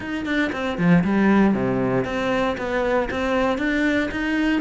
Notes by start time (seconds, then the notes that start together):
0.00 D#4
0.25 D4
0.52 C4
0.78 F3
1.03 G3
1.54 C3
2.05 C4
2.57 B3
3.10 C4
3.58 D4
4.11 D#4